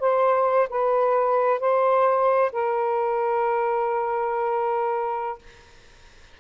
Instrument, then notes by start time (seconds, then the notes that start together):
saxophone
0.00 C5
0.70 B4
1.60 C5
2.53 A#4